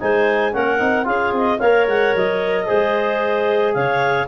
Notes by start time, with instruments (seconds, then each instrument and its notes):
0.00 tuba G#3, trombone D#4, clarinet C5 G#5
0.53 tuba A#3, trombone C#4, clarinet A#4 F#5
0.79 tuba C4, trombone D#4
1.05 tuba C#4, trombone F4, clarinet G#4 F5
1.32 tuba C4, clarinet D#5
1.58 tuba A#3, trombone A#4, clarinet C#5 F5
1.87 tuba G#3, clarinet F#5
2.15 tuba F#3, clarinet D#5
2.67 tuba G#3, trombone G#4, clarinet C5
3.74 tuba C#3, clarinet C#5 F5